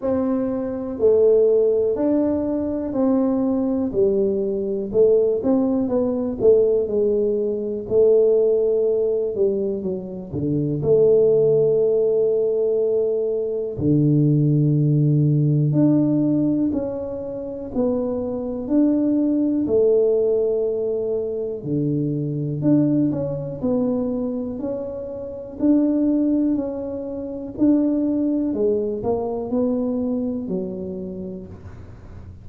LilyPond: \new Staff \with { instrumentName = "tuba" } { \time 4/4 \tempo 4 = 61 c'4 a4 d'4 c'4 | g4 a8 c'8 b8 a8 gis4 | a4. g8 fis8 d8 a4~ | a2 d2 |
d'4 cis'4 b4 d'4 | a2 d4 d'8 cis'8 | b4 cis'4 d'4 cis'4 | d'4 gis8 ais8 b4 fis4 | }